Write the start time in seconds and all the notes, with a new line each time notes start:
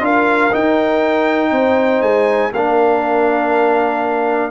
0.00 D4 F4 A#4 F5
0.51 D#4 G5
1.51 C4 C5
2.01 G#3 G#5
2.52 A#3 D4 A#4 F5